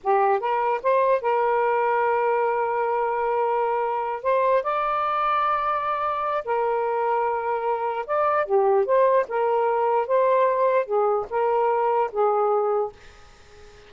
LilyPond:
\new Staff \with { instrumentName = "saxophone" } { \time 4/4 \tempo 4 = 149 g'4 ais'4 c''4 ais'4~ | ais'1~ | ais'2~ ais'8 c''4 d''8~ | d''1 |
ais'1 | d''4 g'4 c''4 ais'4~ | ais'4 c''2 gis'4 | ais'2 gis'2 | }